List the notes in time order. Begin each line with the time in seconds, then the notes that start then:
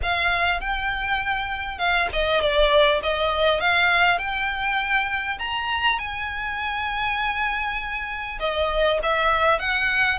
0.02 F5
0.60 G5
1.78 F5
2.12 D#5
2.41 D5
3.02 D#5
3.60 F5
4.18 G5
5.38 A#5
5.98 G#5
8.39 D#5
9.02 E5
9.59 F#5